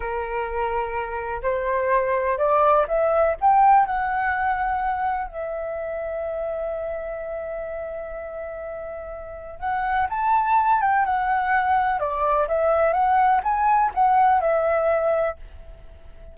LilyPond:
\new Staff \with { instrumentName = "flute" } { \time 4/4 \tempo 4 = 125 ais'2. c''4~ | c''4 d''4 e''4 g''4 | fis''2. e''4~ | e''1~ |
e''1 | fis''4 a''4. g''8 fis''4~ | fis''4 d''4 e''4 fis''4 | gis''4 fis''4 e''2 | }